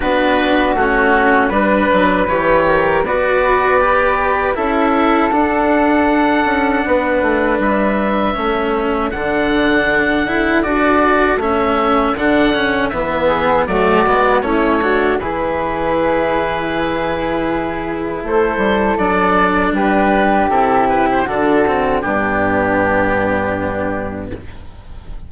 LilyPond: <<
  \new Staff \with { instrumentName = "oboe" } { \time 4/4 \tempo 4 = 79 b'4 fis'4 b'4 cis''4 | d''2 e''4 fis''4~ | fis''2 e''2 | fis''2 d''4 e''4 |
fis''4 e''4 d''4 cis''4 | b'1 | c''4 d''4 b'4 a'8 b'16 c''16 | a'4 g'2. | }
  \new Staff \with { instrumentName = "flute" } { \time 4/4 fis'2 b'4. ais'8 | b'2 a'2~ | a'4 b'2 a'4~ | a'1~ |
a'4. gis'8 fis'4 e'8 fis'8 | gis'1 | a'2 g'2 | fis'4 d'2. | }
  \new Staff \with { instrumentName = "cello" } { \time 4/4 d'4 cis'4 d'4 g'4 | fis'4 g'4 e'4 d'4~ | d'2. cis'4 | d'4. e'8 fis'4 cis'4 |
d'8 cis'8 b4 a8 b8 cis'8 d'8 | e'1~ | e'4 d'2 e'4 | d'8 c'8 b2. | }
  \new Staff \with { instrumentName = "bassoon" } { \time 4/4 b4 a4 g8 fis8 e4 | b2 cis'4 d'4~ | d'8 cis'8 b8 a8 g4 a4 | d2 d'4 a4 |
d4 e4 fis8 gis8 a4 | e1 | a8 g8 fis4 g4 c4 | d4 g,2. | }
>>